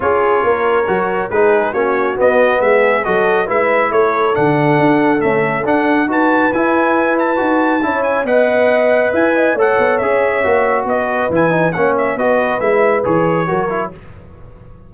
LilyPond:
<<
  \new Staff \with { instrumentName = "trumpet" } { \time 4/4 \tempo 4 = 138 cis''2. b'4 | cis''4 dis''4 e''4 dis''4 | e''4 cis''4 fis''2 | e''4 fis''4 a''4 gis''4~ |
gis''8 a''2 gis''8 fis''4~ | fis''4 gis''4 fis''4 e''4~ | e''4 dis''4 gis''4 fis''8 e''8 | dis''4 e''4 cis''2 | }
  \new Staff \with { instrumentName = "horn" } { \time 4/4 gis'4 ais'2 gis'4 | fis'2 gis'4 a'4 | b'4 a'2.~ | a'2 b'2~ |
b'2 cis''4 dis''4~ | dis''4 e''8 dis''8 cis''2~ | cis''4 b'2 cis''4 | b'2. ais'4 | }
  \new Staff \with { instrumentName = "trombone" } { \time 4/4 f'2 fis'4 dis'4 | cis'4 b2 fis'4 | e'2 d'2 | a4 d'4 fis'4 e'4~ |
e'4 fis'4 e'4 b'4~ | b'2 a'4 gis'4 | fis'2 e'8 dis'8 cis'4 | fis'4 e'4 gis'4 fis'8 e'8 | }
  \new Staff \with { instrumentName = "tuba" } { \time 4/4 cis'4 ais4 fis4 gis4 | ais4 b4 gis4 fis4 | gis4 a4 d4 d'4 | cis'4 d'4 dis'4 e'4~ |
e'4 dis'4 cis'4 b4~ | b4 e'4 a8 b8 cis'4 | ais4 b4 e4 ais4 | b4 gis4 e4 fis4 | }
>>